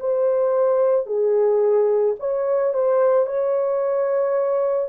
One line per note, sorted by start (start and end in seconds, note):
0.00 1.07 C5
1.07 2.16 G#4
2.20 2.74 C#5
2.74 3.26 C5
3.26 4.89 C#5